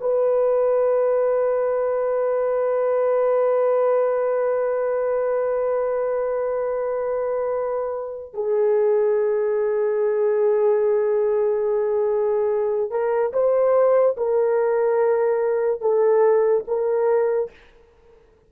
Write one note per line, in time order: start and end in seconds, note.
0.00 8.33 B4
8.33 12.90 G#4
12.90 13.32 A#4
13.33 14.16 C5
14.16 15.81 A#4
15.81 16.64 A4
16.67 17.50 A#4